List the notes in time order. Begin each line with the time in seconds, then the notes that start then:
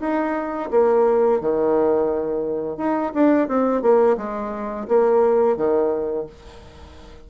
0.00 D#4
0.71 A#3
1.41 D#3
2.77 D#4
3.14 D4
3.48 C4
3.82 A#3
4.17 G#3
4.88 A#3
5.57 D#3